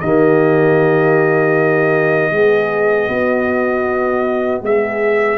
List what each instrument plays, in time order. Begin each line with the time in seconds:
0.00 tuba D#3, trombone A#3, horn G4, trumpet D#5
2.31 tuba G#3, trombone B3, horn G#4
3.08 tuba B3, horn F#4
4.62 tuba G#3, horn G#4, trumpet E5